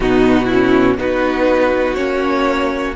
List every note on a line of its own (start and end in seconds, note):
0.00 0.97 B2
0.00 0.50 B3
0.00 0.45 D#4
0.00 0.97 F#4
0.45 0.94 E4
0.51 0.98 C#4
0.97 1.95 B3
0.97 1.97 D#4
0.97 2.95 F#4
0.97 1.94 B4
1.94 2.95 A#3
1.94 2.95 C#4
1.94 2.92 C#5